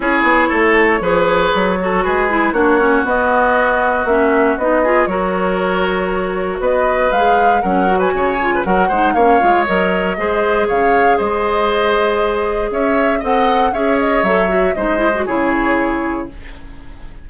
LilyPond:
<<
  \new Staff \with { instrumentName = "flute" } { \time 4/4 \tempo 4 = 118 cis''1 | b'4 cis''4 dis''2 | e''4 dis''4 cis''2~ | cis''4 dis''4 f''4 fis''8. gis''16~ |
gis''4 fis''4 f''4 dis''4~ | dis''4 f''4 dis''2~ | dis''4 e''4 fis''4 e''8 dis''8 | e''4 dis''4 cis''2 | }
  \new Staff \with { instrumentName = "oboe" } { \time 4/4 gis'4 a'4 b'4. a'8 | gis'4 fis'2.~ | fis'4. gis'8 ais'2~ | ais'4 b'2 ais'8. b'16 |
cis''8. b'16 ais'8 c''8 cis''2 | c''4 cis''4 c''2~ | c''4 cis''4 dis''4 cis''4~ | cis''4 c''4 gis'2 | }
  \new Staff \with { instrumentName = "clarinet" } { \time 4/4 e'2 gis'4. fis'8~ | fis'8 e'8 d'8 cis'8 b2 | cis'4 dis'8 f'8 fis'2~ | fis'2 gis'4 cis'8 fis'8~ |
fis'8 f'8 fis'8 dis'8 cis'8 f'8 ais'4 | gis'1~ | gis'2 a'4 gis'4 | a'8 fis'8 dis'8 e'16 fis'16 e'2 | }
  \new Staff \with { instrumentName = "bassoon" } { \time 4/4 cis'8 b8 a4 f4 fis4 | gis4 ais4 b2 | ais4 b4 fis2~ | fis4 b4 gis4 fis4 |
cis4 fis8 gis8 ais8 gis8 fis4 | gis4 cis4 gis2~ | gis4 cis'4 c'4 cis'4 | fis4 gis4 cis2 | }
>>